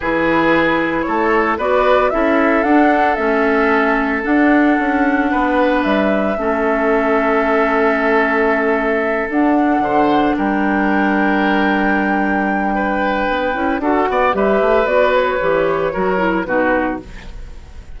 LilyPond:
<<
  \new Staff \with { instrumentName = "flute" } { \time 4/4 \tempo 4 = 113 b'2 cis''4 d''4 | e''4 fis''4 e''2 | fis''2. e''4~ | e''1~ |
e''4. fis''2 g''8~ | g''1~ | g''2 fis''4 e''4 | d''8 cis''2~ cis''8 b'4 | }
  \new Staff \with { instrumentName = "oboe" } { \time 4/4 gis'2 a'4 b'4 | a'1~ | a'2 b'2 | a'1~ |
a'2~ a'8 c''4 ais'8~ | ais'1 | b'2 a'8 d''8 b'4~ | b'2 ais'4 fis'4 | }
  \new Staff \with { instrumentName = "clarinet" } { \time 4/4 e'2. fis'4 | e'4 d'4 cis'2 | d'1 | cis'1~ |
cis'4. d'2~ d'8~ | d'1~ | d'4. e'8 fis'4 g'4 | fis'4 g'4 fis'8 e'8 dis'4 | }
  \new Staff \with { instrumentName = "bassoon" } { \time 4/4 e2 a4 b4 | cis'4 d'4 a2 | d'4 cis'4 b4 g4 | a1~ |
a4. d'4 d4 g8~ | g1~ | g4 b8 cis'8 d'8 b8 g8 a8 | b4 e4 fis4 b,4 | }
>>